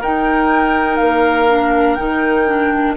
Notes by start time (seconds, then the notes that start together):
0.00 D#4 A#4 G5
0.97 A#3 F5
1.49 D4
1.95 D#3 D#4 G5
2.47 D4